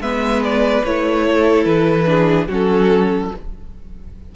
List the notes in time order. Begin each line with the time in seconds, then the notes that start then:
0.00 G#3 B3 B4 E5
0.43 D5
0.84 A3 E4 C#5
1.30 A4
1.65 E3 B4
2.05 D4 G#4
2.48 F#3 C#4 F#4 A4